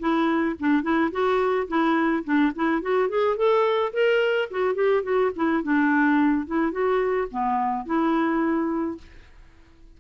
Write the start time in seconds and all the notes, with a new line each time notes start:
0.00 E4
0.60 D4
0.83 E4
1.12 F#4
1.68 E4
2.24 D4
2.55 E4
2.82 F#4
3.09 G#4
3.37 A4
3.93 A#4
4.51 F#4
4.75 G4
5.03 F#4
5.36 E4
5.63 D4
6.47 E4
6.72 F#4
7.31 B3
7.86 E4